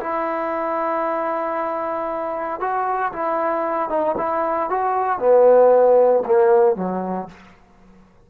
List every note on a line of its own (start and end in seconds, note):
0.00 2.60 E4
2.60 3.13 F#4
3.13 3.90 E4
3.90 4.16 D#4
4.18 4.70 E4
4.70 5.19 F#4
5.19 6.23 B3
6.26 6.76 A#3
6.76 7.28 F#3